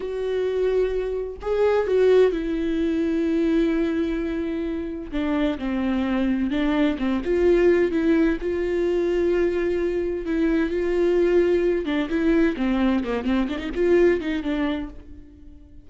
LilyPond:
\new Staff \with { instrumentName = "viola" } { \time 4/4 \tempo 4 = 129 fis'2. gis'4 | fis'4 e'2.~ | e'2. d'4 | c'2 d'4 c'8 f'8~ |
f'4 e'4 f'2~ | f'2 e'4 f'4~ | f'4. d'8 e'4 c'4 | ais8 c'8 d'16 dis'16 f'4 dis'8 d'4 | }